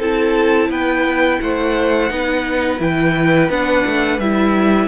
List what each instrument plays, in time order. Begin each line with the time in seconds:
0.00 cello C4, viola E4, violin A4 A5
0.70 cello B3, violin B4 G5
1.42 cello A3, violin C5 F#5
2.10 cello B3, viola D#4, violin B4
2.80 cello E3, viola E4, violin G5
3.50 cello B3, viola D4, violin F#5
3.87 cello A3
4.19 cello G3, viola E4, violin E5